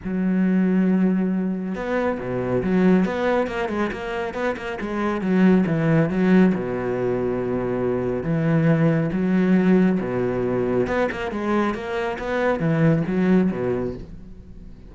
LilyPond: \new Staff \with { instrumentName = "cello" } { \time 4/4 \tempo 4 = 138 fis1 | b4 b,4 fis4 b4 | ais8 gis8 ais4 b8 ais8 gis4 | fis4 e4 fis4 b,4~ |
b,2. e4~ | e4 fis2 b,4~ | b,4 b8 ais8 gis4 ais4 | b4 e4 fis4 b,4 | }